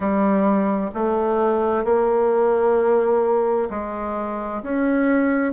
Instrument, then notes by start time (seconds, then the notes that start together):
bassoon
0.00 G3
0.94 A3
1.84 A#3
3.70 G#3
4.62 C#4